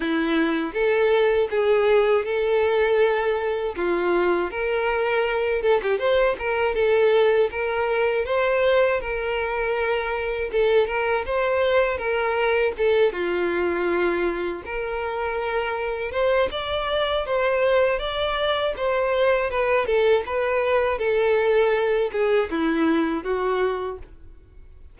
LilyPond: \new Staff \with { instrumentName = "violin" } { \time 4/4 \tempo 4 = 80 e'4 a'4 gis'4 a'4~ | a'4 f'4 ais'4. a'16 g'16 | c''8 ais'8 a'4 ais'4 c''4 | ais'2 a'8 ais'8 c''4 |
ais'4 a'8 f'2 ais'8~ | ais'4. c''8 d''4 c''4 | d''4 c''4 b'8 a'8 b'4 | a'4. gis'8 e'4 fis'4 | }